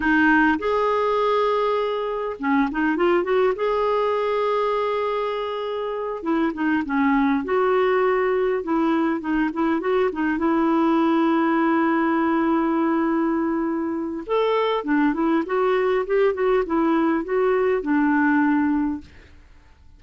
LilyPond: \new Staff \with { instrumentName = "clarinet" } { \time 4/4 \tempo 4 = 101 dis'4 gis'2. | cis'8 dis'8 f'8 fis'8 gis'2~ | gis'2~ gis'8 e'8 dis'8 cis'8~ | cis'8 fis'2 e'4 dis'8 |
e'8 fis'8 dis'8 e'2~ e'8~ | e'1 | a'4 d'8 e'8 fis'4 g'8 fis'8 | e'4 fis'4 d'2 | }